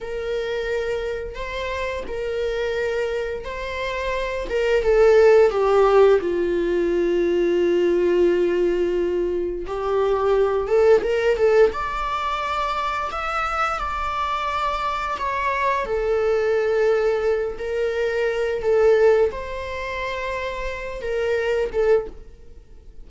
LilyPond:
\new Staff \with { instrumentName = "viola" } { \time 4/4 \tempo 4 = 87 ais'2 c''4 ais'4~ | ais'4 c''4. ais'8 a'4 | g'4 f'2.~ | f'2 g'4. a'8 |
ais'8 a'8 d''2 e''4 | d''2 cis''4 a'4~ | a'4. ais'4. a'4 | c''2~ c''8 ais'4 a'8 | }